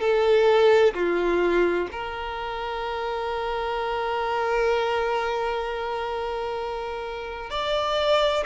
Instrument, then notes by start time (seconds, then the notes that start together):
violin
0.00 A4
0.94 F4
1.92 A#4
7.50 D5